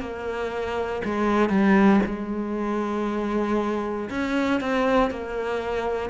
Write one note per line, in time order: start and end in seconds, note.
0.00 1.02 A#3
1.04 1.49 G#3
1.49 2.00 G3
2.06 4.09 G#3
4.10 4.60 C#4
4.60 5.10 C4
5.10 6.09 A#3